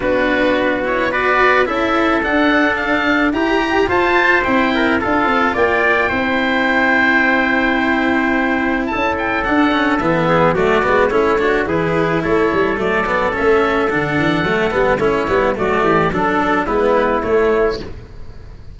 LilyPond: <<
  \new Staff \with { instrumentName = "oboe" } { \time 4/4 \tempo 4 = 108 b'4. cis''8 d''4 e''4 | fis''4 f''4 ais''4 a''4 | g''4 f''4 g''2~ | g''1 |
a''8 g''8 fis''4 e''4 d''4 | cis''4 b'4 cis''4 d''4 | e''4 fis''2 cis''4 | d''4 a'4 b'4 cis''4 | }
  \new Staff \with { instrumentName = "trumpet" } { \time 4/4 fis'2 b'4 a'4~ | a'2 g'4 c''4~ | c''8 ais'8 a'4 d''4 c''4~ | c''1 |
a'2~ a'8 gis'8 fis'4 | e'8 fis'8 gis'4 a'2~ | a'2. e'4 | fis'8 g'8 a'4 e'2 | }
  \new Staff \with { instrumentName = "cello" } { \time 4/4 d'4. e'8 fis'4 e'4 | d'2 g'4 f'4 | e'4 f'2 e'4~ | e'1~ |
e'4 d'8 cis'8 b4 a8 b8 | cis'8 d'8 e'2 a8 b8 | cis'4 d'4 a8 b8 cis'8 b8 | a4 d'4 b4 a4 | }
  \new Staff \with { instrumentName = "tuba" } { \time 4/4 b2. cis'4 | d'2 e'4 f'4 | c'4 d'8 c'8 ais4 c'4~ | c'1 |
cis'4 d'4 e4 fis8 gis8 | a4 e4 a8 g8 fis4 | a4 d8 e8 fis8 g8 a8 g8 | fis8 e8 fis4 gis4 a4 | }
>>